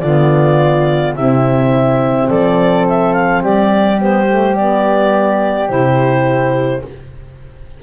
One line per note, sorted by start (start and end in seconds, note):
0.00 1.15 D3
0.00 1.16 B3
0.00 1.15 F4
0.00 1.13 D5
1.15 2.29 C3
1.15 3.97 C4
1.15 2.29 E4
1.15 2.29 E5
2.29 3.43 F3
2.29 3.42 A4
2.29 2.86 D5
2.88 3.13 E5
3.13 3.42 F5
3.42 5.69 G3
3.42 6.82 G4
3.42 4.00 D5
3.97 4.26 B3
3.97 4.55 C5
4.26 4.55 A3
4.55 5.68 B3
4.55 5.69 D5
5.68 6.82 C3
5.68 6.81 E4
5.68 6.82 C5